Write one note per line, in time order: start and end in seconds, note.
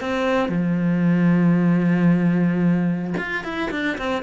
0.00 0.48 C4
0.48 3.14 F3
3.17 3.43 F4
3.43 3.70 E4
3.70 3.97 D4
3.98 4.22 C4